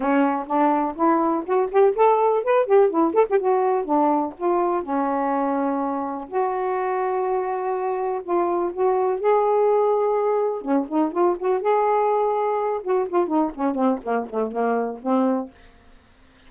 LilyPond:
\new Staff \with { instrumentName = "saxophone" } { \time 4/4 \tempo 4 = 124 cis'4 d'4 e'4 fis'8 g'8 | a'4 b'8 g'8 e'8 a'16 g'16 fis'4 | d'4 f'4 cis'2~ | cis'4 fis'2.~ |
fis'4 f'4 fis'4 gis'4~ | gis'2 cis'8 dis'8 f'8 fis'8 | gis'2~ gis'8 fis'8 f'8 dis'8 | cis'8 c'8 ais8 a8 ais4 c'4 | }